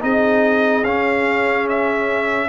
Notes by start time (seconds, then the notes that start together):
0.00 C4 D#4 G#4 D#5
0.84 C#4 F5
1.69 E5